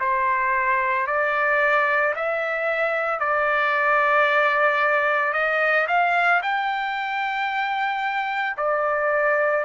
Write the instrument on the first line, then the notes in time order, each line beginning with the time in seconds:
trumpet
0.00 C5
1.07 D5
2.16 E5
3.20 D5
5.33 D#5
5.88 F5
6.42 G5
8.58 D5